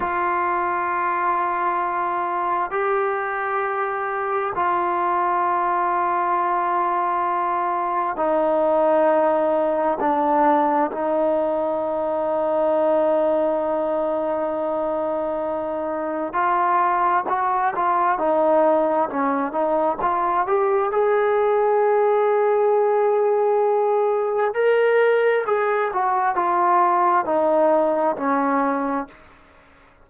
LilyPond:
\new Staff \with { instrumentName = "trombone" } { \time 4/4 \tempo 4 = 66 f'2. g'4~ | g'4 f'2.~ | f'4 dis'2 d'4 | dis'1~ |
dis'2 f'4 fis'8 f'8 | dis'4 cis'8 dis'8 f'8 g'8 gis'4~ | gis'2. ais'4 | gis'8 fis'8 f'4 dis'4 cis'4 | }